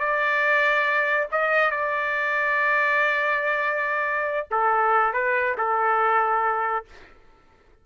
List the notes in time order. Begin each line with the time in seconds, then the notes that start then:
0.00 D5
1.32 D#5
1.71 D5
4.51 A4
5.14 B4
5.58 A4